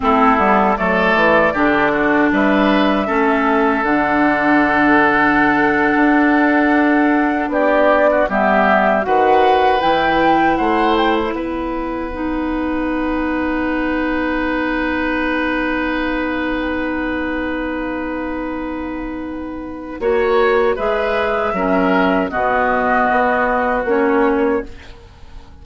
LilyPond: <<
  \new Staff \with { instrumentName = "flute" } { \time 4/4 \tempo 4 = 78 a'4 d''2 e''4~ | e''4 fis''2.~ | fis''4.~ fis''16 d''4 e''4 fis''16~ | fis''8. g''4 fis''8 g''16 e'16 fis''4~ fis''16~ |
fis''1~ | fis''1~ | fis''2. e''4~ | e''4 dis''2 cis''4 | }
  \new Staff \with { instrumentName = "oboe" } { \time 4/4 e'4 a'4 g'8 fis'8 b'4 | a'1~ | a'4.~ a'16 g'8. fis'16 g'4 b'16~ | b'4.~ b'16 c''4 b'4~ b'16~ |
b'1~ | b'1~ | b'2 cis''4 b'4 | ais'4 fis'2. | }
  \new Staff \with { instrumentName = "clarinet" } { \time 4/4 c'8 b8 a4 d'2 | cis'4 d'2.~ | d'2~ d'8. b4 fis'16~ | fis'8. e'2. dis'16~ |
dis'1~ | dis'1~ | dis'2 fis'4 gis'4 | cis'4 b2 cis'4 | }
  \new Staff \with { instrumentName = "bassoon" } { \time 4/4 a8 g8 fis8 e8 d4 g4 | a4 d2~ d8. d'16~ | d'4.~ d'16 b4 g4 dis16~ | dis8. e4 a4 b4~ b16~ |
b1~ | b1~ | b2 ais4 gis4 | fis4 b,4 b4 ais4 | }
>>